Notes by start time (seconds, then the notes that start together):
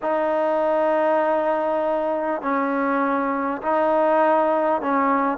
0.02 D#4
2.41 C#4
3.62 D#4
4.81 C#4